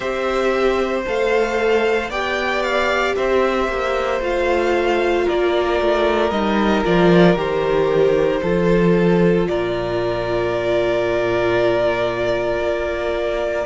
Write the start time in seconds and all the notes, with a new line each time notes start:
0.00 C4 G4 C5 E5
1.06 A3 A4 F5
2.08 B3 G4 D5 G5
2.62 F5
3.15 C4 C5 E5
3.68 A#3
4.20 A3 F4 F5
5.24 A#3 A#4 D5
5.80 A3
6.30 G3 D#4 D#5
6.84 F3 F4 D5
7.36 D#3 G4 C5
8.42 F3 F4 A4
9.47 A#2 A#4 D5
12.60 A#3